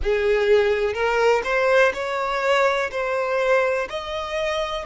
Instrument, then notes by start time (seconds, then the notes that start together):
violin
0.03 G#4
0.93 A#4
1.43 C5
1.93 C#5
2.91 C5
3.89 D#5